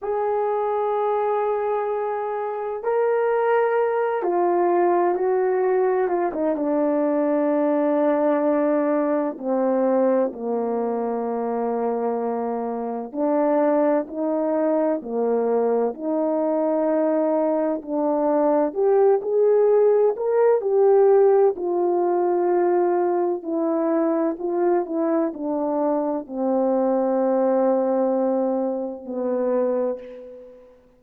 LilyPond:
\new Staff \with { instrumentName = "horn" } { \time 4/4 \tempo 4 = 64 gis'2. ais'4~ | ais'8 f'4 fis'4 f'16 dis'16 d'4~ | d'2 c'4 ais4~ | ais2 d'4 dis'4 |
ais4 dis'2 d'4 | g'8 gis'4 ais'8 g'4 f'4~ | f'4 e'4 f'8 e'8 d'4 | c'2. b4 | }